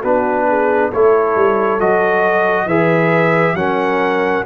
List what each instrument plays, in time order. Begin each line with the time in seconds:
0.00 tuba B3, trombone D4, horn F#4, trumpet B4
0.48 horn G#4
0.89 tuba A3, trombone E4, horn A4, trumpet C#5
1.36 tuba G3
1.80 tuba F#3, trombone F#4, trumpet D#5
2.66 tuba E3, trombone G#4, horn B4, trumpet E5
3.53 tuba F#3, trombone C#4, horn A#4, trumpet F#5